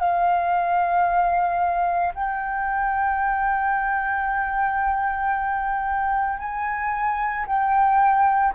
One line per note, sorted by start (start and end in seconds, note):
0.00 2.14 F5
2.15 6.39 G5
6.39 7.47 G#5
7.47 8.54 G5